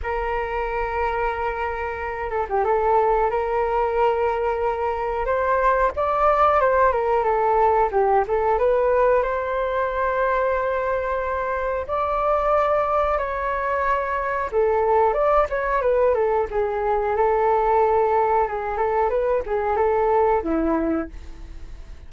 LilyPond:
\new Staff \with { instrumentName = "flute" } { \time 4/4 \tempo 4 = 91 ais'2.~ ais'8 a'16 g'16 | a'4 ais'2. | c''4 d''4 c''8 ais'8 a'4 | g'8 a'8 b'4 c''2~ |
c''2 d''2 | cis''2 a'4 d''8 cis''8 | b'8 a'8 gis'4 a'2 | gis'8 a'8 b'8 gis'8 a'4 e'4 | }